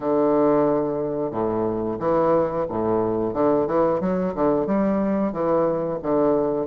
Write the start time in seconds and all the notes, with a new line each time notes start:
0.00 D3
1.31 A2
1.99 E3
2.69 A2
3.33 D3
3.67 E3
4.00 F#3
4.34 D3
4.66 G3
5.32 E3
6.02 D3